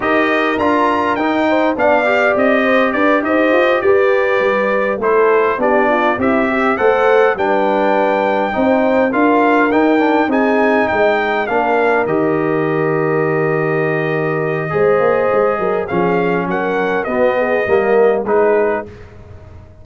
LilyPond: <<
  \new Staff \with { instrumentName = "trumpet" } { \time 4/4 \tempo 4 = 102 dis''4 ais''4 g''4 f''4 | dis''4 d''8 dis''4 d''4.~ | d''8 c''4 d''4 e''4 fis''8~ | fis''8 g''2. f''8~ |
f''8 g''4 gis''4 g''4 f''8~ | f''8 dis''2.~ dis''8~ | dis''2. f''4 | fis''4 dis''2 b'4 | }
  \new Staff \with { instrumentName = "horn" } { \time 4/4 ais'2~ ais'8 c''8 d''4~ | d''8 c''8 b'8 c''4 b'4.~ | b'8 a'4 g'8 f'8 e'8 g'8 c''8~ | c''8 b'2 c''4 ais'8~ |
ais'4. gis'4 dis''4 ais'8~ | ais'1~ | ais'4 c''4. ais'8 gis'4 | ais'4 fis'8 gis'8 ais'4 gis'4 | }
  \new Staff \with { instrumentName = "trombone" } { \time 4/4 g'4 f'4 dis'4 d'8 g'8~ | g'1~ | g'8 e'4 d'4 g'4 a'8~ | a'8 d'2 dis'4 f'8~ |
f'8 dis'8 d'8 dis'2 d'8~ | d'8 g'2.~ g'8~ | g'4 gis'2 cis'4~ | cis'4 b4 ais4 dis'4 | }
  \new Staff \with { instrumentName = "tuba" } { \time 4/4 dis'4 d'4 dis'4 b4 | c'4 d'8 dis'8 f'8 g'4 g8~ | g8 a4 b4 c'4 a8~ | a8 g2 c'4 d'8~ |
d'8 dis'4 c'4 gis4 ais8~ | ais8 dis2.~ dis8~ | dis4 gis8 ais8 gis8 fis8 f4 | fis4 b4 g4 gis4 | }
>>